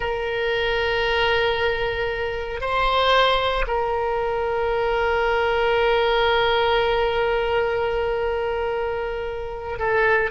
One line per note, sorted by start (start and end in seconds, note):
0.00 2.60 A#4
2.61 3.65 C5
3.67 9.78 A#4
9.78 10.30 A4